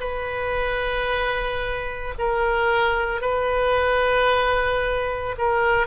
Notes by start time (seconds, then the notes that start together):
0.00 B4
2.18 A#4
3.21 B4
5.38 A#4